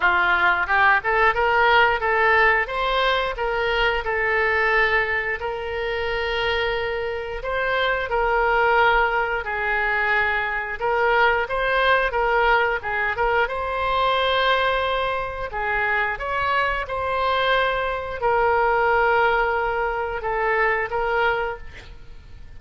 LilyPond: \new Staff \with { instrumentName = "oboe" } { \time 4/4 \tempo 4 = 89 f'4 g'8 a'8 ais'4 a'4 | c''4 ais'4 a'2 | ais'2. c''4 | ais'2 gis'2 |
ais'4 c''4 ais'4 gis'8 ais'8 | c''2. gis'4 | cis''4 c''2 ais'4~ | ais'2 a'4 ais'4 | }